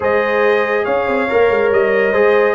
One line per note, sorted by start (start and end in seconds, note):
0.00 0.86 G#3
0.00 1.28 G#4
0.00 0.84 C5
0.00 0.85 D#5
0.84 1.07 C#4
0.84 2.12 C#5
0.84 1.70 F5
1.07 1.29 C4
1.28 1.50 A#3
1.28 2.13 A#4
1.50 1.71 G#3
1.71 2.13 G3
1.71 2.55 D#5
2.12 2.55 G#3
2.12 2.55 G#4
2.12 2.55 C5